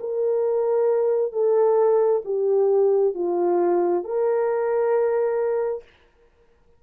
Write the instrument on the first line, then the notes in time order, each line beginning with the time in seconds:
horn
0.00 A#4
1.32 A4
2.25 G4
3.14 F4
4.04 A#4